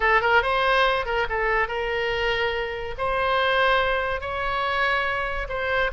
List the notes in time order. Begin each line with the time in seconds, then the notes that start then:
0.00 A4
0.21 A#4
0.42 C5
1.05 A#4
1.29 A4
1.68 A#4
2.98 C5
4.20 C#5
5.49 C5